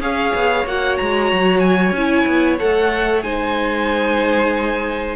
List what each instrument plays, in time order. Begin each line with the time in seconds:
0.00 cello C#4, viola G#4, violin C#5 F5
0.35 cello B3
0.66 cello A#3, viola F#4, violin F#5
0.98 cello G#3, violin A#5
1.32 cello F#3
1.60 violin G#5
1.92 cello C#4, viola E4
2.27 cello B3
2.60 cello A3, viola A4, violin F#5
3.23 cello G#3, viola D#4, violin C5 G#5